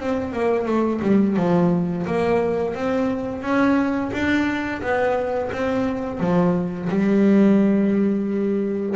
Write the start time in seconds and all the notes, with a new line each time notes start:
0.00 C4
0.33 A#3
0.66 A3
1.02 G3
1.37 F3
2.06 A#3
2.75 C4
3.42 C#4
4.13 D4
4.82 B3
5.53 C4
6.20 F3
6.90 G3